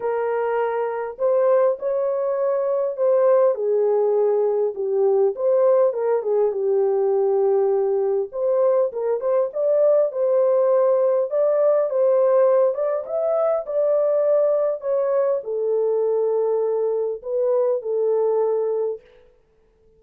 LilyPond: \new Staff \with { instrumentName = "horn" } { \time 4/4 \tempo 4 = 101 ais'2 c''4 cis''4~ | cis''4 c''4 gis'2 | g'4 c''4 ais'8 gis'8 g'4~ | g'2 c''4 ais'8 c''8 |
d''4 c''2 d''4 | c''4. d''8 e''4 d''4~ | d''4 cis''4 a'2~ | a'4 b'4 a'2 | }